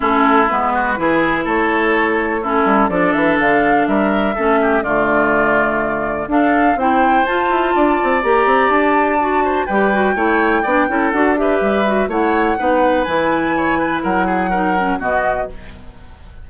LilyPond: <<
  \new Staff \with { instrumentName = "flute" } { \time 4/4 \tempo 4 = 124 a'4 b'2 cis''4~ | cis''4 a'4 d''8 e''8 f''4 | e''2 d''2~ | d''4 f''4 g''4 a''4~ |
a''4 ais''4 a''2 | g''2. fis''8 e''8~ | e''4 fis''2 gis''4~ | gis''4 fis''2 dis''4 | }
  \new Staff \with { instrumentName = "oboe" } { \time 4/4 e'4. fis'8 gis'4 a'4~ | a'4 e'4 a'2 | ais'4 a'8 g'8 f'2~ | f'4 a'4 c''2 |
d''2.~ d''8 c''8 | b'4 cis''4 d''8 a'4 b'8~ | b'4 cis''4 b'2 | cis''8 b'8 ais'8 gis'8 ais'4 fis'4 | }
  \new Staff \with { instrumentName = "clarinet" } { \time 4/4 cis'4 b4 e'2~ | e'4 cis'4 d'2~ | d'4 cis'4 a2~ | a4 d'4 e'4 f'4~ |
f'4 g'2 fis'4 | g'8 fis'8 e'4 d'8 e'8 fis'8 g'8~ | g'8 fis'8 e'4 dis'4 e'4~ | e'2 dis'8 cis'8 b4 | }
  \new Staff \with { instrumentName = "bassoon" } { \time 4/4 a4 gis4 e4 a4~ | a4. g8 f8 e8 d4 | g4 a4 d2~ | d4 d'4 c'4 f'8 e'8 |
d'8 c'8 ais8 c'8 d'2 | g4 a4 b8 cis'8 d'4 | g4 a4 b4 e4~ | e4 fis2 b,4 | }
>>